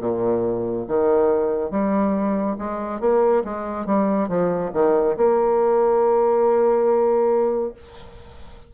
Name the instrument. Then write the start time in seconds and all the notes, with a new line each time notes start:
bassoon
0.00 A#2
0.88 D#3
1.71 G3
2.58 G#3
3.00 A#3
3.45 G#3
3.86 G3
4.29 F3
4.73 D#3
5.17 A#3